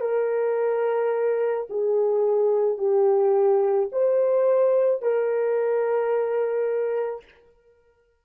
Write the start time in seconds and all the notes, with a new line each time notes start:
0.00 A#4
1.70 G#4
2.78 G4
3.92 C5
5.02 A#4